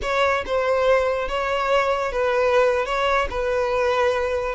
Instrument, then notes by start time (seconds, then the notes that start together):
violin
0.02 C#5
0.46 C5
1.28 C#5
2.12 B4
2.85 C#5
3.29 B4